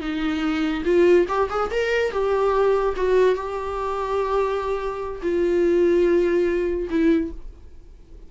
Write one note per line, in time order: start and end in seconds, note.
0.00 0.83 D#4
0.84 1.26 F4
1.28 1.49 G4
1.49 1.70 G#4
1.71 2.11 A#4
2.11 2.94 G4
2.96 3.35 F#4
3.35 5.21 G4
5.22 6.88 F4
6.90 7.31 E4